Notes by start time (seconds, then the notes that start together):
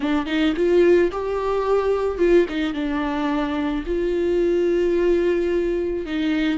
0.00 D4
0.26 D#4
0.56 F4
1.11 G4
2.18 F4
2.48 D#4
2.73 D4
3.86 F4
6.06 D#4